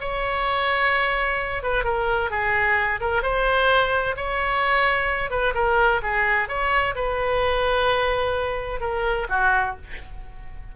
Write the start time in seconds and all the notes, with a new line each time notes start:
0.00 C#5
1.63 B4
1.84 A#4
2.30 G#4
3.00 A#4
3.22 C5
4.16 C#5
5.30 B4
5.54 A#4
6.02 G#4
6.48 C#5
6.95 B4
8.80 A#4
9.29 F#4